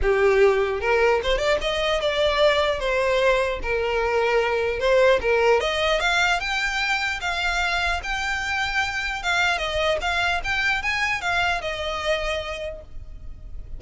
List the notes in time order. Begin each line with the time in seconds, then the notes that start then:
0.01 G4
0.81 A#4
1.23 C5
1.38 D5
1.61 D#5
2.00 D5
2.79 C5
3.62 A#4
4.79 C5
5.21 A#4
5.60 D#5
5.99 F5
6.39 G5
7.20 F5
8.03 G5
9.22 F5
9.58 D#5
10.01 F5
10.43 G5
10.82 G#5
11.21 F5
11.61 D#5